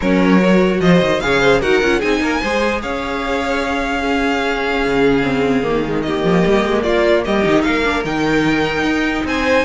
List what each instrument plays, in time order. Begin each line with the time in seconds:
0.00 cello F#3, viola C#4, violin A#4 C#5
0.39 viola F#4
0.80 cello F3, violin C5 D#5
1.00 cello D#3
1.20 cello C#3, viola G#4, violin C#5 F5
1.40 violin C5
1.60 cello D#4, viola F#4, violin A#4 F#5
1.82 cello C#4, viola F4
1.98 cello C4, viola D#4, violin G#4 G#5
2.21 cello A#3, violin A#4
2.41 cello G#3, viola G#4, violin C5
2.81 cello C#4, violin C#5 F5
4.01 viola C#4, violin G#4
4.84 cello C#3
5.23 viola C4
5.63 cello D#3, viola A#3
5.83 viola G#3
6.02 viola A#3, violin G4 D#5
6.23 cello F3
6.45 cello G3
6.64 cello G#3
6.83 cello A#3, violin F4 D5
7.25 cello G3, violin G4 D#5
7.43 cello D#3, viola D#4
7.62 cello A#3, violin A#4 F5
7.83 viola D4
8.04 cello D#3, viola D#4, violin G5
8.83 cello D#4
9.24 cello C4, violin C5 G#5